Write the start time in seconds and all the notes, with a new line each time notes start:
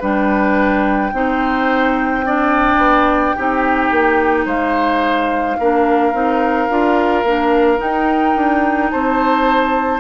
0.00 G3 D4 B4 G5
1.13 C4 D#4 C5
2.26 D4 D5
2.77 B3
3.37 C4 D#4 G4
3.91 A#3
4.46 G#3 C5 F5
5.59 A#3 D4 A#4
6.13 C4 D#4
6.69 D4 F4
7.24 A#3 D4
7.78 D#4 G5
8.36 D4
8.90 C4 C5 A5